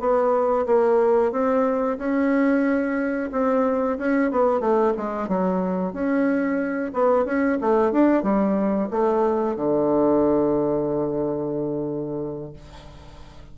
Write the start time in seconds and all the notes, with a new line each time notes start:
0.00 B3
0.66 A#3
1.32 C4
1.98 C#4
3.32 C4
3.98 C#4
4.31 B3
4.60 A3
4.97 G#3
5.28 F#3
5.93 C#4
6.93 B3
7.25 C#4
7.61 A3
7.92 D4
8.23 G3
8.91 A3
9.56 D3